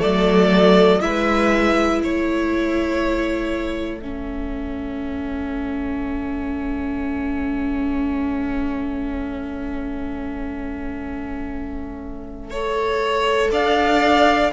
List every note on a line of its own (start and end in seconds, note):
0.00 1.01 F#3
0.00 1.00 A3
0.00 1.00 A4
0.00 1.01 D5
1.01 2.01 G#3
1.01 4.01 E4
1.01 2.04 B4
1.01 2.01 E5
2.01 13.51 A3
2.01 12.51 A4
2.01 4.01 C#5
4.01 12.52 C#4
4.01 13.51 E5
12.51 14.53 A4
12.51 13.51 C#5
13.52 14.52 D4
13.52 14.52 D5
13.52 14.53 F5